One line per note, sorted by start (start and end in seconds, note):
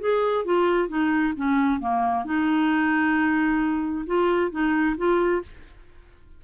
0.00 0.44 G#4
0.44 0.88 F4
0.88 1.33 D#4
1.36 1.80 C#4
1.80 2.25 A#3
2.25 4.05 D#4
4.06 4.51 F4
4.51 4.96 D#4
4.97 5.42 F4